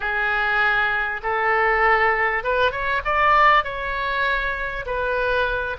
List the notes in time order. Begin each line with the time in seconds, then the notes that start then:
0.00 G#4
1.23 A4
2.43 B4
2.71 C#5
3.04 D5
3.64 C#5
4.85 B4